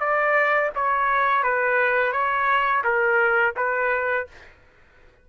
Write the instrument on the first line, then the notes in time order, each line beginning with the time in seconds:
trumpet
0.00 D5
0.75 C#5
1.43 B4
2.12 C#5
2.84 A#4
3.57 B4